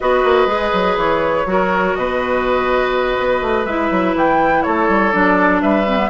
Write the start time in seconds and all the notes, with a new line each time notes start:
0.00 B3 F#4 B4 D#5
0.23 A#3
0.46 G#3 G#4
0.72 F#3
0.96 E3 C#5
1.45 F#3 F#4 A#4
1.95 B2 B4 D#5
3.18 B3
3.41 A3
3.65 G#3 E4 E5
3.90 F#3
4.14 E3 G5
4.62 A3 A4 C#5
4.88 G3
5.11 F#3 D4 D5
5.61 G3 B4 E5
5.87 C4
5.97 B3